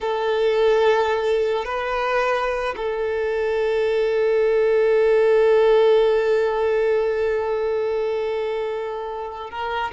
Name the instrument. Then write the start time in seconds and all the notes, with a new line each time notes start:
violin
0.00 A4
1.64 B4
2.76 A4
9.50 A#4